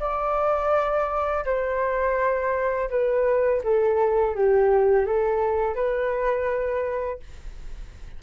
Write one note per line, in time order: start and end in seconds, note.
0.00 1.45 D5
1.45 2.90 C5
2.90 3.62 B4
3.64 4.35 A4
4.35 5.06 G4
5.06 5.75 A4
5.75 7.20 B4